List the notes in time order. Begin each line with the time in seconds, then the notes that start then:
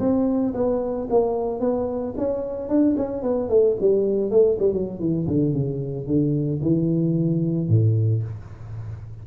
0.00 C4
0.54 B3
1.10 A#3
1.60 B3
2.18 C#4
2.69 D4
2.97 C#4
3.23 B3
3.50 A3
3.80 G3
4.31 A3
4.59 G3
4.73 F#3
5.00 E3
5.28 D3
5.53 C#3
6.07 D3
6.62 E3
7.69 A2